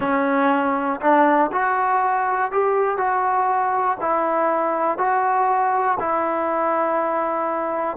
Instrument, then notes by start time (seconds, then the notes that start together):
trombone
0.00 C#4
1.00 D4
1.51 F#4
2.51 G4
2.97 F#4
4.00 E4
4.98 F#4
6.00 E4